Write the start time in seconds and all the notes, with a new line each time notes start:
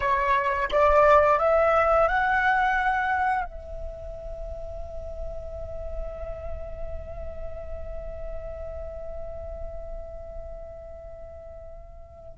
0.00 C#5
0.71 D5
1.39 E5
2.08 F#5
3.45 E5